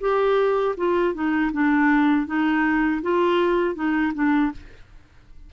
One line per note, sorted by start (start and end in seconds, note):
0.00 0.75 G4
0.76 1.14 F4
1.14 1.51 D#4
1.52 2.26 D4
2.26 3.01 D#4
3.02 3.75 F4
3.75 4.12 D#4
4.14 4.51 D4